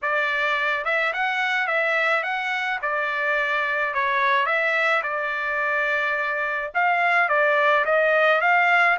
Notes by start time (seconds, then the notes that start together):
0.02 D5
0.84 E5
1.13 F#5
1.67 E5
2.23 F#5
2.82 D5
3.94 C#5
4.46 E5
5.02 D5
6.74 F5
7.28 D5
7.85 D#5
8.41 F5